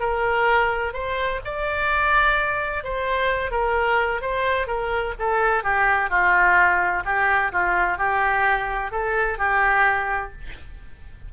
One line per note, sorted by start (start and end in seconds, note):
0.00 0.94 A#4
0.94 1.40 C5
1.45 2.84 D5
2.84 3.51 C5
3.51 4.21 A#4
4.21 4.67 C5
4.67 5.14 A#4
5.19 5.63 A4
5.63 6.10 G4
6.10 7.04 F4
7.05 7.52 G4
7.52 7.98 F4
7.98 8.92 G4
8.92 9.38 A4
9.38 10.32 G4